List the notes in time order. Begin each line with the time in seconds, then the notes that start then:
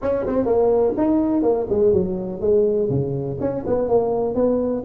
0.02 C#4
0.26 C4
0.45 A#3
0.97 D#4
1.42 A#3
1.69 G#3
1.92 F#3
2.41 G#3
2.89 C#3
3.40 C#4
3.66 B3
3.88 A#3
4.34 B3